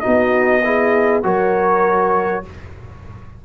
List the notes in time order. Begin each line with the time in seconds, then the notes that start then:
0.00 D#4 F#4 D#5
0.06 B3
0.64 E4 G#4
1.23 F#3 F#4 A#4 C#5